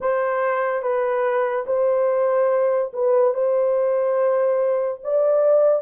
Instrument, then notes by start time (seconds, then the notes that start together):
horn
0.00 C5
0.82 B4
1.66 C5
2.93 B4
3.34 C5
5.03 D5